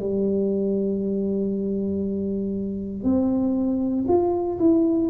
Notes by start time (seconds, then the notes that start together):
0.00 G3
3.04 C4
4.08 F4
4.59 E4